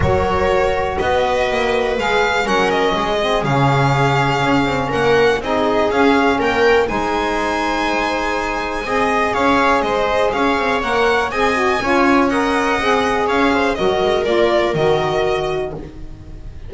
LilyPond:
<<
  \new Staff \with { instrumentName = "violin" } { \time 4/4 \tempo 4 = 122 cis''2 dis''2 | f''4 fis''8 dis''4. f''4~ | f''2 fis''4 dis''4 | f''4 g''4 gis''2~ |
gis''2. f''4 | dis''4 f''4 fis''4 gis''4~ | gis''4 fis''2 f''4 | dis''4 d''4 dis''2 | }
  \new Staff \with { instrumentName = "viola" } { \time 4/4 ais'2 b'2~ | b'4 ais'4 gis'2~ | gis'2 ais'4 gis'4~ | gis'4 ais'4 c''2~ |
c''2 dis''4 cis''4 | c''4 cis''2 dis''4 | cis''4 dis''2 cis''8 c''8 | ais'1 | }
  \new Staff \with { instrumentName = "saxophone" } { \time 4/4 fis'1 | gis'4 cis'4. c'8 cis'4~ | cis'2. dis'4 | cis'2 dis'2~ |
dis'2 gis'2~ | gis'2 ais'4 gis'8 fis'8 | f'4 ais'4 gis'2 | fis'4 f'4 fis'2 | }
  \new Staff \with { instrumentName = "double bass" } { \time 4/4 fis2 b4 ais4 | gis4 fis4 gis4 cis4~ | cis4 cis'8 c'8 ais4 c'4 | cis'4 ais4 gis2~ |
gis2 c'4 cis'4 | gis4 cis'8 c'8 ais4 c'4 | cis'2 c'4 cis'4 | fis8 gis8 ais4 dis2 | }
>>